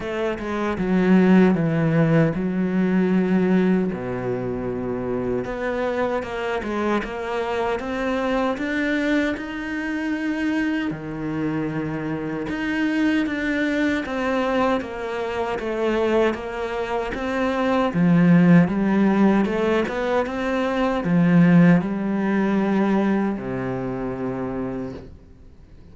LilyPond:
\new Staff \with { instrumentName = "cello" } { \time 4/4 \tempo 4 = 77 a8 gis8 fis4 e4 fis4~ | fis4 b,2 b4 | ais8 gis8 ais4 c'4 d'4 | dis'2 dis2 |
dis'4 d'4 c'4 ais4 | a4 ais4 c'4 f4 | g4 a8 b8 c'4 f4 | g2 c2 | }